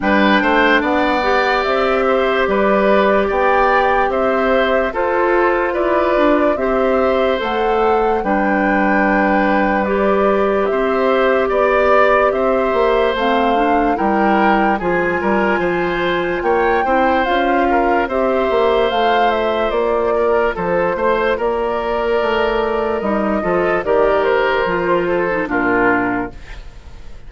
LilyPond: <<
  \new Staff \with { instrumentName = "flute" } { \time 4/4 \tempo 4 = 73 g''4 fis''4 e''4 d''4 | g''4 e''4 c''4 d''4 | e''4 fis''4 g''2 | d''4 e''4 d''4 e''4 |
f''4 g''4 gis''2 | g''4 f''4 e''4 f''8 e''8 | d''4 c''4 d''2 | dis''4 d''8 c''4. ais'4 | }
  \new Staff \with { instrumentName = "oboe" } { \time 4/4 b'8 c''8 d''4. c''8 b'4 | d''4 c''4 a'4 b'4 | c''2 b'2~ | b'4 c''4 d''4 c''4~ |
c''4 ais'4 gis'8 ais'8 c''4 | cis''8 c''4 ais'8 c''2~ | c''8 ais'8 a'8 c''8 ais'2~ | ais'8 a'8 ais'4. a'8 f'4 | }
  \new Staff \with { instrumentName = "clarinet" } { \time 4/4 d'4. g'2~ g'8~ | g'2 f'2 | g'4 a'4 d'2 | g'1 |
c'8 d'8 e'4 f'2~ | f'8 e'8 f'4 g'4 f'4~ | f'1 | dis'8 f'8 g'4 f'8. dis'16 d'4 | }
  \new Staff \with { instrumentName = "bassoon" } { \time 4/4 g8 a8 b4 c'4 g4 | b4 c'4 f'4 e'8 d'8 | c'4 a4 g2~ | g4 c'4 b4 c'8 ais8 |
a4 g4 f8 g8 f4 | ais8 c'8 cis'4 c'8 ais8 a4 | ais4 f8 a8 ais4 a4 | g8 f8 dis4 f4 ais,4 | }
>>